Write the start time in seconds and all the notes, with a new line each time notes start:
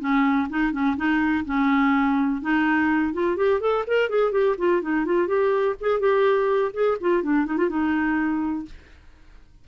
0.00 C#4
0.50 D#4
0.72 C#4
0.97 D#4
1.46 C#4
2.42 D#4
3.14 F4
3.37 G4
3.61 A4
3.87 A#4
4.10 G#4
4.32 G4
4.58 F4
4.82 D#4
5.06 F4
5.28 G4
5.81 G#4
6.00 G4
6.74 G#4
7.01 F4
7.23 D4
7.46 D#4
7.58 F4
7.70 D#4